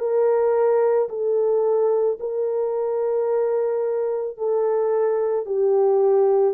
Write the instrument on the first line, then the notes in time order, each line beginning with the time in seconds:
horn
0.00 A#4
1.10 A4
2.20 A#4
4.37 A4
5.46 G4